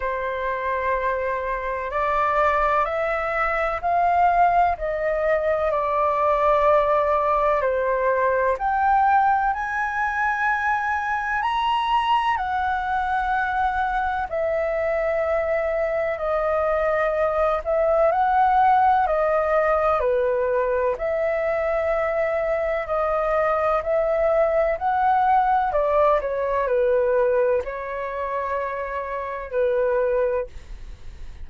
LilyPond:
\new Staff \with { instrumentName = "flute" } { \time 4/4 \tempo 4 = 63 c''2 d''4 e''4 | f''4 dis''4 d''2 | c''4 g''4 gis''2 | ais''4 fis''2 e''4~ |
e''4 dis''4. e''8 fis''4 | dis''4 b'4 e''2 | dis''4 e''4 fis''4 d''8 cis''8 | b'4 cis''2 b'4 | }